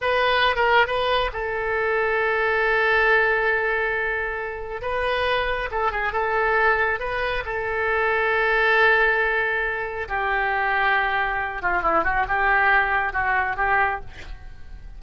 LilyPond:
\new Staff \with { instrumentName = "oboe" } { \time 4/4 \tempo 4 = 137 b'4~ b'16 ais'8. b'4 a'4~ | a'1~ | a'2. b'4~ | b'4 a'8 gis'8 a'2 |
b'4 a'2.~ | a'2. g'4~ | g'2~ g'8 f'8 e'8 fis'8 | g'2 fis'4 g'4 | }